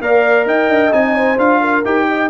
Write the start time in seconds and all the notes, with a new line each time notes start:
0.00 A#3 A#4 D5 F5
0.45 D#4 D#5 G5
0.68 D4
0.91 C4 D#4 G#5
1.14 C5
1.37 D4 F4 F5
1.60 A#4
1.85 D#4 G4 G5
2.08 D#5